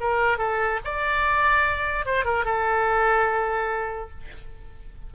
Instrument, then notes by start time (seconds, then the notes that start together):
oboe
0.00 A#4
0.38 A4
0.84 D5
2.06 C5
2.25 A#4
2.45 A4